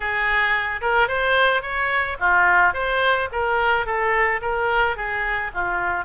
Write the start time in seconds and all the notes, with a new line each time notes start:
0.00 G#4
0.81 A#4
1.08 C5
1.62 C#5
2.19 F4
2.73 C5
3.32 A#4
3.85 A4
4.41 A#4
4.96 G#4
5.53 F4